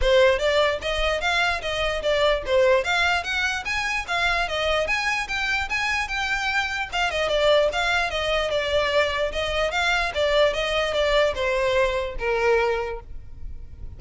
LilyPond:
\new Staff \with { instrumentName = "violin" } { \time 4/4 \tempo 4 = 148 c''4 d''4 dis''4 f''4 | dis''4 d''4 c''4 f''4 | fis''4 gis''4 f''4 dis''4 | gis''4 g''4 gis''4 g''4~ |
g''4 f''8 dis''8 d''4 f''4 | dis''4 d''2 dis''4 | f''4 d''4 dis''4 d''4 | c''2 ais'2 | }